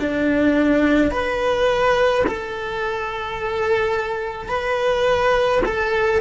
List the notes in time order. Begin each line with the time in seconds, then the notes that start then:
0.00 D4
1.12 B4
2.28 A4
4.49 B4
5.66 A4